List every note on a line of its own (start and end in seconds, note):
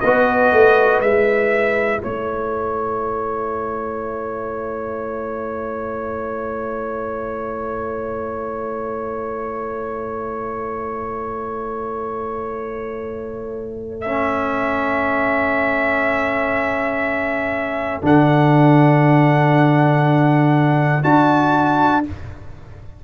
0.00 0.52 B3
0.00 1.04 F#4
0.00 2.02 B4
0.00 1.00 D#5
0.52 1.00 A3
1.00 2.00 G#3
1.00 14.04 E4
1.00 2.01 E5
2.02 18.03 A3
2.02 22.02 A4
2.02 14.01 C#5
14.01 18.02 C#4
14.01 18.01 E5
18.02 21.03 D3
18.02 21.02 D4
18.02 21.03 F#5
21.03 22.04 D4
21.03 22.03 F#4
21.03 22.03 A5